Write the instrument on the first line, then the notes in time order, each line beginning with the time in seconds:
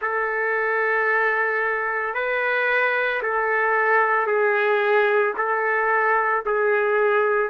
trumpet
0.01 A4
2.14 B4
3.22 A4
4.27 G#4
5.37 A4
6.45 G#4